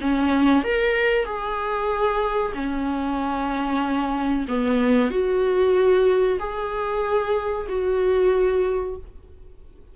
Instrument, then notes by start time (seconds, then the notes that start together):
viola
0.00 C#4
0.64 A#4
1.24 G#4
2.54 C#4
4.48 B3
5.10 F#4
6.39 G#4
7.68 F#4